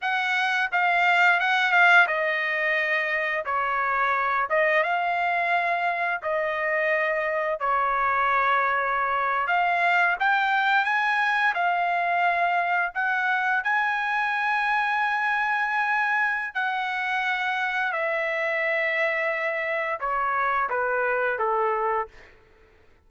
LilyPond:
\new Staff \with { instrumentName = "trumpet" } { \time 4/4 \tempo 4 = 87 fis''4 f''4 fis''8 f''8 dis''4~ | dis''4 cis''4. dis''8 f''4~ | f''4 dis''2 cis''4~ | cis''4.~ cis''16 f''4 g''4 gis''16~ |
gis''8. f''2 fis''4 gis''16~ | gis''1 | fis''2 e''2~ | e''4 cis''4 b'4 a'4 | }